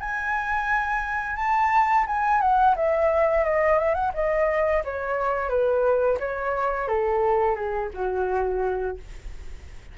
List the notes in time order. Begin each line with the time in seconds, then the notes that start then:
0.00 G#5
1.36 A5
2.07 G#5
2.41 F#5
2.76 E5
3.45 D#5
3.79 E5
3.94 F#5
4.14 D#5
4.84 C#5
5.49 B4
6.19 C#5
6.88 A4
7.55 G#4
7.93 F#4